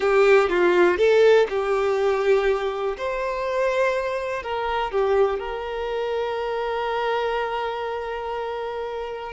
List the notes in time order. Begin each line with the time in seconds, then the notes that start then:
0.00 G4
0.49 F4
0.97 A4
1.49 G4
2.97 C5
4.42 A#4
4.91 G4
5.39 A#4